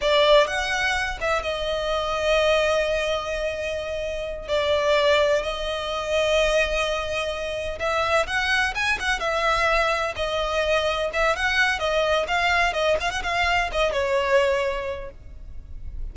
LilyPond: \new Staff \with { instrumentName = "violin" } { \time 4/4 \tempo 4 = 127 d''4 fis''4. e''8 dis''4~ | dis''1~ | dis''4. d''2 dis''8~ | dis''1~ |
dis''8 e''4 fis''4 gis''8 fis''8 e''8~ | e''4. dis''2 e''8 | fis''4 dis''4 f''4 dis''8 f''16 fis''16 | f''4 dis''8 cis''2~ cis''8 | }